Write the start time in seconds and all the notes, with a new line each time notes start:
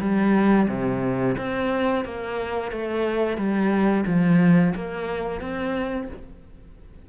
0.00 G3
0.68 C3
1.37 C4
2.04 A#3
2.71 A3
3.37 G3
4.06 F3
4.75 A#3
5.40 C4